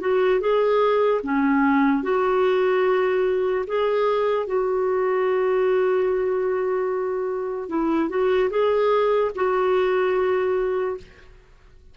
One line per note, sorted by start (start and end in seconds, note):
0.00 0.40 F#4
0.40 1.21 G#4
1.23 2.03 C#4
2.03 3.65 F#4
3.67 4.46 G#4
4.46 7.69 F#4
7.69 8.09 E4
8.09 8.50 F#4
8.50 9.31 G#4
9.35 10.97 F#4